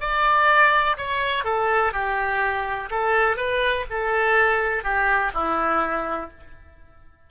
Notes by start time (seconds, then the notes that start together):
0.00 D5
0.97 C#5
1.45 A4
1.93 G4
2.91 A4
3.37 B4
3.90 A4
4.84 G4
5.34 E4